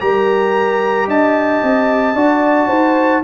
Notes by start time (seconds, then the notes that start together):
0.00 G3 G4 A#4 A#5
1.07 D4 D#5 A5
1.63 C4
2.14 D4 F#4 D5
2.67 D#4 C5